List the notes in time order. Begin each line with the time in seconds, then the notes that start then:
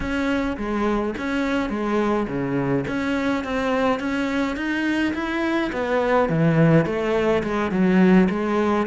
0.00 C#4
0.57 G#3
1.17 C#4
1.69 G#3
2.27 C#3
2.87 C#4
3.44 C4
3.99 C#4
4.56 D#4
5.14 E4
5.72 B3
6.29 E3
6.85 A3
7.43 G#3
7.71 F#3
8.29 G#3